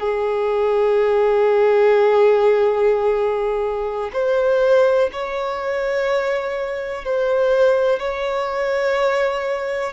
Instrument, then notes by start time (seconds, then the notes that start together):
violin
0.00 G#4
4.13 C5
5.13 C#5
7.05 C5
8.00 C#5